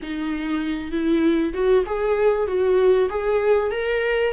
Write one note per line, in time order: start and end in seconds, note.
0.02 0.91 D#4
0.91 1.53 E4
1.53 1.84 F#4
1.86 2.47 G#4
2.47 3.09 F#4
3.09 3.71 G#4
3.71 4.33 A#4